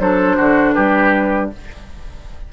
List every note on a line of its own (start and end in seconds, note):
0.00 0.38 F#3
0.00 1.53 D4
0.00 0.37 A4
0.00 0.74 C5
0.37 0.77 D3
0.37 0.75 F#4
0.74 1.53 G3
0.74 1.51 G4
0.74 1.50 B4